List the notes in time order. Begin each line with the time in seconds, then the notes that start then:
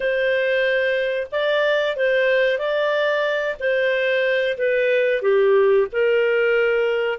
0.00 C5
1.31 D5
1.96 C5
2.58 D5
3.59 C5
4.57 B4
5.22 G4
5.91 A#4